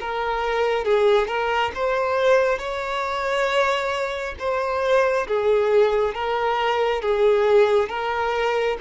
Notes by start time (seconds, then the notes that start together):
0.00 A#4
0.85 G#4
1.27 A#4
1.74 C5
2.59 C#5
4.39 C5
5.27 G#4
6.14 A#4
7.01 G#4
7.89 A#4